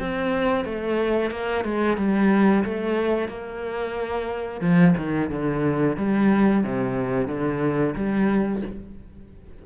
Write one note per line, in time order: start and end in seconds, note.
0.00 0.65 C4
0.65 1.32 A3
1.32 1.65 A#3
1.65 1.98 G#3
1.98 2.65 G3
2.65 3.29 A3
3.29 4.62 A#3
4.62 4.95 F3
4.98 5.31 D#3
5.31 5.97 D3
5.98 6.64 G3
6.64 7.28 C3
7.28 7.95 D3
7.96 8.62 G3